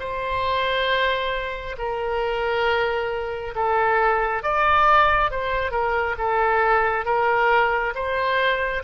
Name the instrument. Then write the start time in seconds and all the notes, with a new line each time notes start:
oboe
0.00 C5
1.78 A#4
3.56 A4
4.43 D5
5.31 C5
5.72 A#4
6.18 A4
7.05 A#4
7.95 C5